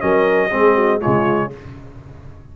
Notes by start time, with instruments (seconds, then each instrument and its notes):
0.00 tuba F#3, trombone C#4, horn A#4, trumpet D#5
0.51 tuba G#3, trombone C4, horn G#4
0.75 horn F#4
1.00 tuba C#3, trombone G#3, horn F4, trumpet C#5